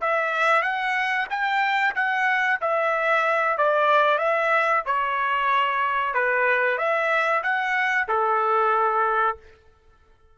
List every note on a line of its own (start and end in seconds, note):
0.00 0.62 E5
0.62 1.26 F#5
1.29 1.94 G5
1.95 2.59 F#5
2.60 3.57 E5
3.57 4.18 D5
4.18 4.82 E5
4.85 6.14 C#5
6.14 6.77 B4
6.77 7.42 E5
7.43 8.07 F#5
8.08 9.37 A4